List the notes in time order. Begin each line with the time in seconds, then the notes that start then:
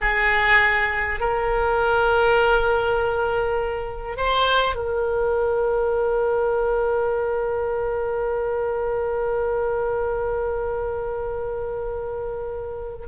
0.01 G#4
1.20 A#4
4.17 C5
4.75 A#4